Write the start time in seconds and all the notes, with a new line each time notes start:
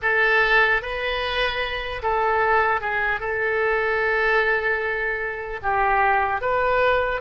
0.02 A4
0.82 B4
2.02 A4
2.80 G#4
3.20 A4
5.62 G4
6.41 B4